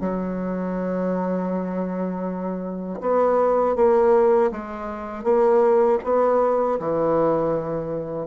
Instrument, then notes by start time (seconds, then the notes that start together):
bassoon
0.00 F#3
3.00 B3
3.75 A#3
4.51 G#3
5.23 A#3
6.04 B3
6.79 E3